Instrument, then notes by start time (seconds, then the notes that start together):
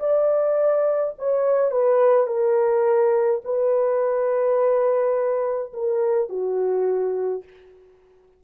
horn
0.00 D5
1.19 C#5
1.72 B4
2.27 A#4
3.45 B4
5.74 A#4
6.30 F#4